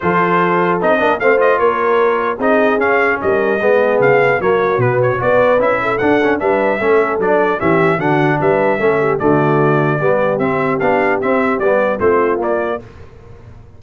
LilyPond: <<
  \new Staff \with { instrumentName = "trumpet" } { \time 4/4 \tempo 4 = 150 c''2 dis''4 f''8 dis''8 | cis''2 dis''4 f''4 | dis''2 f''4 cis''4 | b'8 cis''8 d''4 e''4 fis''4 |
e''2 d''4 e''4 | fis''4 e''2 d''4~ | d''2 e''4 f''4 | e''4 d''4 c''4 d''4 | }
  \new Staff \with { instrumentName = "horn" } { \time 4/4 a'2~ a'8 ais'8 c''4 | ais'2 gis'2 | ais'4 gis'2 fis'4~ | fis'4 b'4. a'4. |
b'4 a'2 g'4 | fis'4 b'4 a'8 g'8 fis'4~ | fis'4 g'2.~ | g'2 f'2 | }
  \new Staff \with { instrumentName = "trombone" } { \time 4/4 f'2 dis'8 d'8 c'8 f'8~ | f'2 dis'4 cis'4~ | cis'4 b2 ais4 | b4 fis'4 e'4 d'8 cis'8 |
d'4 cis'4 d'4 cis'4 | d'2 cis'4 a4~ | a4 b4 c'4 d'4 | c'4 b4 c'4 ais4 | }
  \new Staff \with { instrumentName = "tuba" } { \time 4/4 f2 c'8 ais8 a4 | ais2 c'4 cis'4 | g4 gis4 cis4 fis4 | b,4 b4 cis'4 d'4 |
g4 a4 fis4 e4 | d4 g4 a4 d4~ | d4 g4 c'4 b4 | c'4 g4 a4 ais4 | }
>>